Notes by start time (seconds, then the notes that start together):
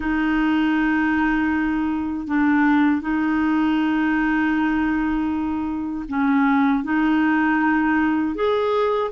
0.00 D#4
2.27 D4
3.01 D#4
6.08 C#4
6.83 D#4
8.35 G#4